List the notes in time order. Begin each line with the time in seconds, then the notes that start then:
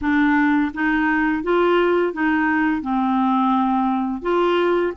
0.01 D4
0.73 D#4
1.43 F4
2.13 D#4
2.81 C4
4.22 F4